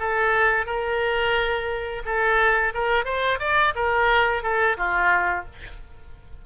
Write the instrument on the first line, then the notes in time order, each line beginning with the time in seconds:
oboe
0.00 A4
0.66 A#4
2.05 A4
2.74 A#4
3.05 C5
3.40 D5
3.76 A#4
4.43 A4
4.78 F4